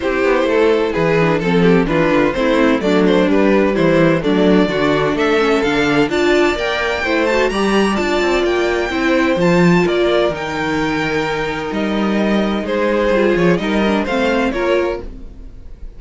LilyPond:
<<
  \new Staff \with { instrumentName = "violin" } { \time 4/4 \tempo 4 = 128 c''2 b'4 a'4 | b'4 c''4 d''8 c''8 b'4 | c''4 d''2 e''4 | f''4 a''4 g''4. a''8 |
ais''4 a''4 g''2 | a''4 d''4 g''2~ | g''4 dis''2 c''4~ | c''8 cis''8 dis''4 f''4 cis''4 | }
  \new Staff \with { instrumentName = "violin" } { \time 4/4 g'4 a'4 gis'4 a'8 g'8 | f'4 e'4 d'2 | e'4 d'4 fis'4 a'4~ | a'4 d''2 c''4 |
d''2. c''4~ | c''4 ais'2.~ | ais'2. gis'4~ | gis'4 ais'4 c''4 ais'4 | }
  \new Staff \with { instrumentName = "viola" } { \time 4/4 e'2~ e'8 d'8 c'4 | d'4 c'4 a4 g4~ | g4 a4 d'4. cis'8 | d'4 f'4 ais'4 e'8 fis'8 |
g'4 f'2 e'4 | f'2 dis'2~ | dis'1 | f'4 dis'8 d'8 c'4 f'4 | }
  \new Staff \with { instrumentName = "cello" } { \time 4/4 c'8 b8 a4 e4 f4 | e8 d8 a4 fis4 g4 | e4 fis4 d4 a4 | d4 d'4 ais4 a4 |
g4 d'8 c'8 ais4 c'4 | f4 ais4 dis2~ | dis4 g2 gis4 | g8 f8 g4 a4 ais4 | }
>>